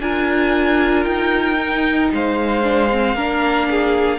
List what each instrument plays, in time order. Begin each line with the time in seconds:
0.00 cello D4, viola F4, violin A#4 G#5
1.04 cello D#4, violin G5
1.57 viola D#4
2.12 cello G#3, violin C5 F5
2.63 viola D4
2.91 viola C4
3.15 cello A#3, viola D4, violin A#4
3.70 violin G#4